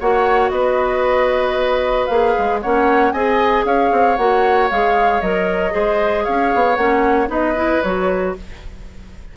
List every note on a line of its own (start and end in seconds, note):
0.00 0.51 A#3
0.00 2.10 F#4
0.00 0.52 C#5
0.00 0.50 F#5
0.50 2.07 B3
0.50 2.61 B4
0.50 2.06 D#5
2.07 2.36 A#3
2.07 2.62 G#4
2.07 2.59 F5
2.39 2.64 G#3
2.62 3.13 A#3
2.62 3.15 C#4
2.62 3.13 C#5
2.62 3.12 F#5
3.12 3.65 C4
3.12 4.18 G#4
3.12 3.65 D#5
3.12 3.64 G#5
3.65 3.91 C#4
3.65 5.74 C#5
3.65 4.17 F5
3.92 4.18 C4
4.17 4.70 A#3
4.17 4.70 F#4
4.17 4.69 F#5
4.70 5.22 G#3
4.70 5.23 G#4
4.70 5.21 F5
5.21 5.74 F#3
5.21 5.71 A#4
5.21 6.25 D#5
5.71 6.27 G#3
5.71 6.76 G#4
5.71 6.24 C5
6.24 6.54 C#4
6.24 7.29 C#5
6.24 6.76 F5
6.54 6.78 B3
6.76 7.29 A#3
6.76 7.27 C#4
6.76 7.28 F#5
7.27 7.81 B3
7.27 7.53 D#4
7.27 8.35 B4
7.27 7.82 D#5
7.56 7.82 E4
7.82 8.36 F#3
7.82 8.37 F#4
7.82 8.34 C#5